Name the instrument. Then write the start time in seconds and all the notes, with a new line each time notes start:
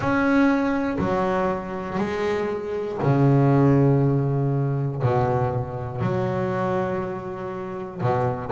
double bass
0.00 C#4
0.98 F#3
1.97 G#3
3.02 C#3
5.02 B2
6.00 F#3
8.00 B2